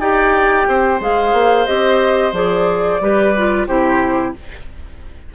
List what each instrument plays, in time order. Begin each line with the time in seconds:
0.00 bassoon D#4, clarinet G4, oboe D5, flute G5
0.68 bassoon C4, oboe C5
1.00 bassoon G#3, clarinet G#4, flute F5
1.33 bassoon A#3
1.67 bassoon C4, clarinet G4, flute D#5
2.33 bassoon F3, clarinet G#4, flute D5
3.01 bassoon G3, clarinet G4, oboe B4
3.37 clarinet F4
3.67 bassoon C3, clarinet E4, oboe G4, flute C5